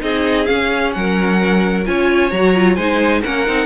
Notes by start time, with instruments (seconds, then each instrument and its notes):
0.00 cello C4, viola D#4, violin G#4 D#5
0.45 viola C#4, cello C#4, violin F5
0.92 cello F#3, violin A#4 F#5
1.85 cello C#4, viola F4, violin C#5 G#5
2.30 cello F#3, viola F#4, violin A#5
2.55 viola F4
2.76 cello G#3, viola D#4, violin C5 G#5
3.23 cello A#3, viola C#4, violin A#4 F#5
3.46 cello C4, viola D#4